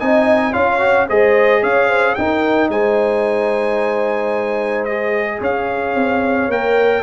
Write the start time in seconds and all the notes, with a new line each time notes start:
0.00 C4 D#4 D#5 G#5
0.53 C#4 F4 C#5 F5
0.80 F#4
1.08 G#3 G#4 C5 D#5
1.62 C#4 C#5 F5
1.89 C5
2.15 D#4 A#4 G5
2.69 G#3 C5 G#5
4.85 G#4 D#5
5.41 C#4 C#5 F5
5.95 C4
6.49 A#3 A#4 G5